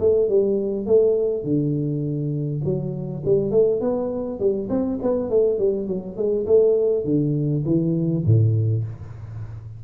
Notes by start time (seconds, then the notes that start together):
0.00 A3
0.29 G3
0.86 A3
1.44 D3
2.65 F#3
3.25 G3
3.51 A3
3.81 B3
4.40 G3
4.70 C4
5.03 B3
5.30 A3
5.59 G3
5.88 F#3
6.17 G#3
6.47 A3
7.05 D3
7.66 E3
8.26 A2